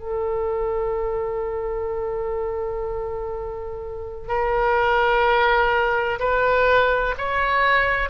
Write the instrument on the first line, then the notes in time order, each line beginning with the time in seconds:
oboe
0.00 A4
4.29 A#4
6.19 B4
7.18 C#5